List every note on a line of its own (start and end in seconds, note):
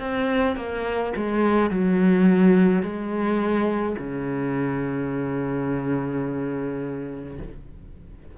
0.00 0.57 C4
0.57 1.13 A#3
1.17 1.70 G#3
1.70 2.83 F#3
2.83 3.96 G#3
3.99 7.39 C#3